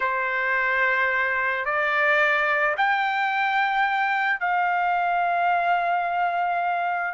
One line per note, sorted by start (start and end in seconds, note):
0.00 1.65 C5
1.65 2.75 D5
2.77 4.40 G5
4.40 7.14 F5